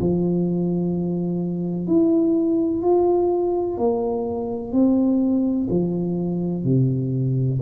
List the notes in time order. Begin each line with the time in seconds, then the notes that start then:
0.00 F3
1.87 E4
2.82 F4
3.77 A#3
4.72 C4
5.70 F3
6.64 C3